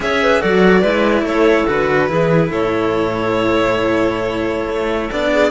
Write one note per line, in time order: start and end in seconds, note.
0.00 0.41 C#4
0.00 0.40 G#4
0.00 0.23 C#5
0.00 0.42 E5
0.23 0.41 B4
0.40 0.83 F#3
0.40 0.82 F#4
0.40 0.81 A4
0.40 1.25 D5
0.81 1.22 G#3
0.81 1.67 E4
0.81 1.23 B4
1.22 1.63 A3
1.22 2.10 A4
1.22 1.67 C#5
1.67 2.10 D3
1.67 2.07 F#4
1.67 2.51 B4
2.07 2.50 E3
2.07 5.09 E4
2.07 2.48 G#4
2.48 4.68 A2
2.48 5.30 A4
2.48 5.10 C#5
4.68 5.10 A3
5.10 5.51 B3
5.10 5.51 D4
5.10 5.51 D5
5.31 5.51 G#4